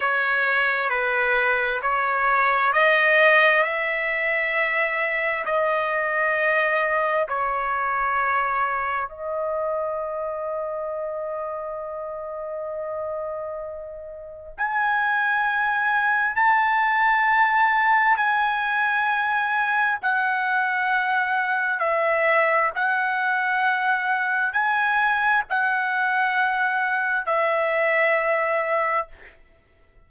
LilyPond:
\new Staff \with { instrumentName = "trumpet" } { \time 4/4 \tempo 4 = 66 cis''4 b'4 cis''4 dis''4 | e''2 dis''2 | cis''2 dis''2~ | dis''1 |
gis''2 a''2 | gis''2 fis''2 | e''4 fis''2 gis''4 | fis''2 e''2 | }